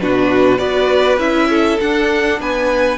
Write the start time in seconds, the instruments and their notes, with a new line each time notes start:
0.00 cello B2, viola D4, violin F#4 B4
0.58 cello B3, viola F#4, violin B4 D5
1.17 cello C#4, viola E4, violin E5
1.49 violin A4
1.80 viola D4, cello D4, violin F#5
2.40 cello B3, violin B4 G#5